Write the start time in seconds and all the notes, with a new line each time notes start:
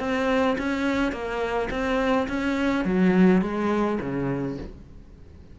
0.00 C4
0.58 C#4
1.12 A#3
1.70 C4
2.28 C#4
2.85 F#3
3.42 G#3
4.01 C#3